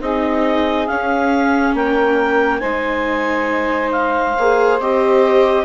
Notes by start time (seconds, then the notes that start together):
0.00 C4 D#4 G#4 D#5
0.87 C#4 F5
1.74 A#3 A#4 G5
2.59 G#3 D#4 C5 G#5
3.91 F5
4.38 A#3 G#4
4.79 C4 G4 D#5